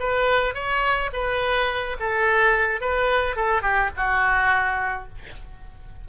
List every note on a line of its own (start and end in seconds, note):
0.00 0.55 B4
0.55 1.11 C#5
1.13 1.97 B4
2.00 2.81 A4
2.81 3.36 B4
3.36 3.62 A4
3.62 3.90 G4
3.96 5.08 F#4